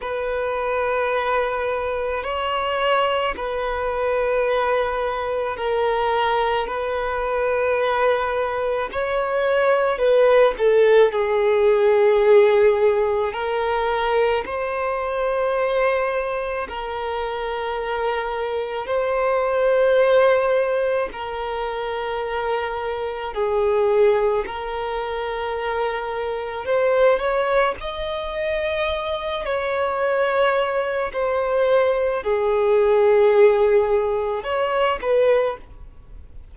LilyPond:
\new Staff \with { instrumentName = "violin" } { \time 4/4 \tempo 4 = 54 b'2 cis''4 b'4~ | b'4 ais'4 b'2 | cis''4 b'8 a'8 gis'2 | ais'4 c''2 ais'4~ |
ais'4 c''2 ais'4~ | ais'4 gis'4 ais'2 | c''8 cis''8 dis''4. cis''4. | c''4 gis'2 cis''8 b'8 | }